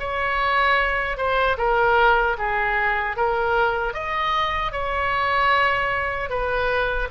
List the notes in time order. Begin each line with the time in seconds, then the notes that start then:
0.00 C#5
1.18 C5
1.58 A#4
2.39 G#4
3.17 A#4
3.94 D#5
4.72 C#5
6.30 B4